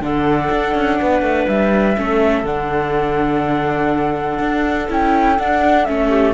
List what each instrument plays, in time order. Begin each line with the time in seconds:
0.00 cello D3, viola D4, clarinet A4, flute F#5
0.50 cello D4
0.75 cello C#4
1.01 cello B3, clarinet B4
1.21 cello A3
1.48 cello G3, flute E5
1.96 cello A3, viola C#4, clarinet A4
2.43 cello D3, viola D4, flute F#5
4.39 cello D4
4.89 cello C#4, viola E4, flute G5
5.39 viola D4, cello D4, flute F#5
5.85 cello A3, viola C#4, flute E5
6.09 clarinet G4